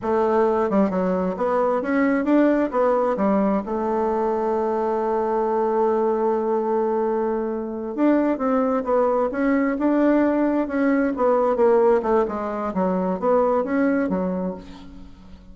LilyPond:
\new Staff \with { instrumentName = "bassoon" } { \time 4/4 \tempo 4 = 132 a4. g8 fis4 b4 | cis'4 d'4 b4 g4 | a1~ | a1~ |
a4. d'4 c'4 b8~ | b8 cis'4 d'2 cis'8~ | cis'8 b4 ais4 a8 gis4 | fis4 b4 cis'4 fis4 | }